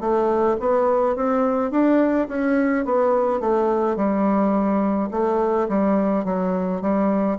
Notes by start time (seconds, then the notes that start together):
0.00 A3
0.60 B3
1.16 C4
1.71 D4
2.28 C#4
2.85 B3
3.40 A3
3.96 G3
5.11 A3
5.69 G3
6.25 F#3
6.81 G3